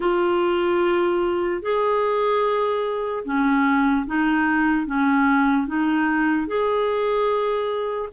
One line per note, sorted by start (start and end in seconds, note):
0.00 1.61 F4
1.61 3.24 G#4
3.24 4.05 C#4
4.06 4.86 D#4
4.86 5.67 C#4
5.67 6.47 D#4
6.47 8.09 G#4